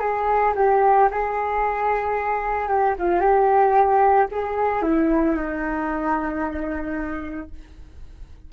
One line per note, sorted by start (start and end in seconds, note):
0.00 0.54 G#4
0.56 1.10 G4
1.12 2.69 G#4
2.69 2.96 G4
2.99 3.21 F4
3.21 4.28 G4
4.32 4.83 G#4
4.83 5.36 E4
5.36 7.50 D#4